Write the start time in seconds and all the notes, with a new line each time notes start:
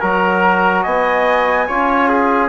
0.00 F#3 F#4 A#4 A#5
0.83 B3 D#5 G#5
1.67 C#4 F4 C#5
2.08 G#4